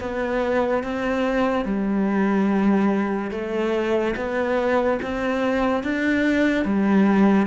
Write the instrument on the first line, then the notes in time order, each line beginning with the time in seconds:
cello
0.00 B3
0.83 C4
1.65 G3
3.31 A3
4.16 B3
5.02 C4
5.83 D4
6.65 G3